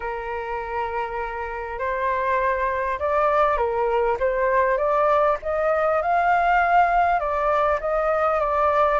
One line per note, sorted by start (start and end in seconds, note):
0.00 1.78 A#4
1.78 2.98 C5
2.99 3.57 D5
3.57 4.17 A#4
4.19 4.77 C5
4.77 5.37 D5
5.42 6.02 D#5
6.02 7.19 F5
7.19 7.79 D5
7.80 8.40 D#5
8.40 8.99 D5